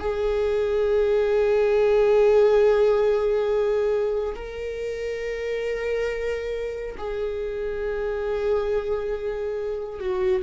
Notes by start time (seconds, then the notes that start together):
0.00 G#4
4.35 A#4
6.98 G#4
10.00 F#4